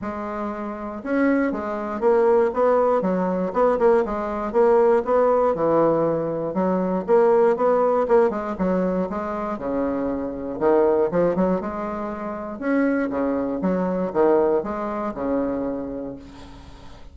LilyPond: \new Staff \with { instrumentName = "bassoon" } { \time 4/4 \tempo 4 = 119 gis2 cis'4 gis4 | ais4 b4 fis4 b8 ais8 | gis4 ais4 b4 e4~ | e4 fis4 ais4 b4 |
ais8 gis8 fis4 gis4 cis4~ | cis4 dis4 f8 fis8 gis4~ | gis4 cis'4 cis4 fis4 | dis4 gis4 cis2 | }